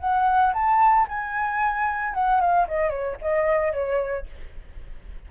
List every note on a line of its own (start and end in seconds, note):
0.00 0.54 F#5
0.54 1.07 A5
1.09 2.14 G#5
2.14 2.41 F#5
2.41 2.68 F5
2.68 2.90 D#5
2.90 3.17 C#5
3.22 3.73 D#5
3.73 4.27 C#5